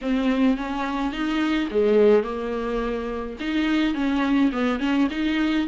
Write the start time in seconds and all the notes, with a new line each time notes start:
0.01 C4
0.57 C#4
1.12 D#4
1.71 G#3
2.23 A#3
3.40 D#4
3.94 C#4
4.52 B3
4.79 C#4
5.10 D#4